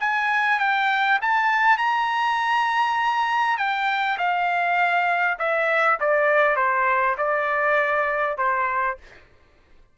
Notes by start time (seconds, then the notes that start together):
0.00 G#5
0.59 G5
1.21 A5
1.78 A#5
3.58 G5
4.18 F5
5.39 E5
6.00 D5
6.56 C5
7.18 D5
8.37 C5